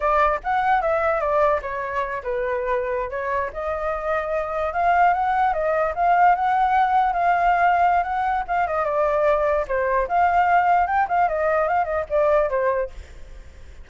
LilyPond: \new Staff \with { instrumentName = "flute" } { \time 4/4 \tempo 4 = 149 d''4 fis''4 e''4 d''4 | cis''4. b'2~ b'16 cis''16~ | cis''8. dis''2. f''16~ | f''8. fis''4 dis''4 f''4 fis''16~ |
fis''4.~ fis''16 f''2~ f''16 | fis''4 f''8 dis''8 d''2 | c''4 f''2 g''8 f''8 | dis''4 f''8 dis''8 d''4 c''4 | }